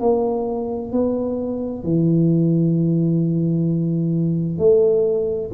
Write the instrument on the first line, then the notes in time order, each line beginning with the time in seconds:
tuba
0.00 A#3
0.92 B3
1.84 E3
4.59 A3